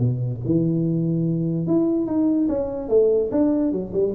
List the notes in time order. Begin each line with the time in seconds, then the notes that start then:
0.00 B2
0.46 E3
1.67 E4
2.07 D#4
2.49 C#4
2.90 A3
3.32 D4
3.72 F#3
3.94 G3